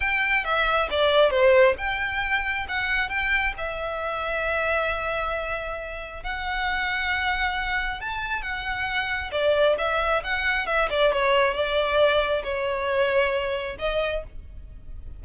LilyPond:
\new Staff \with { instrumentName = "violin" } { \time 4/4 \tempo 4 = 135 g''4 e''4 d''4 c''4 | g''2 fis''4 g''4 | e''1~ | e''2 fis''2~ |
fis''2 a''4 fis''4~ | fis''4 d''4 e''4 fis''4 | e''8 d''8 cis''4 d''2 | cis''2. dis''4 | }